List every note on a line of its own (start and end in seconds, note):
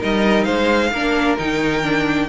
0.00 0.47 G3
0.00 0.92 D#4
0.00 0.45 A#4
0.00 0.44 D#5
0.44 0.92 G#3
0.44 0.91 C5
0.44 1.36 F5
0.92 1.38 A#3
0.92 1.38 D4
0.92 2.29 A#4
1.38 2.29 D#3
1.38 1.83 D#4
1.38 2.29 G5
1.83 2.29 D4